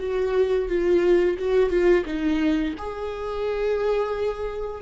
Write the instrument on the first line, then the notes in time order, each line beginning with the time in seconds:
viola
0.00 F#4
0.69 F4
1.39 F#4
1.70 F4
2.06 D#4
2.78 G#4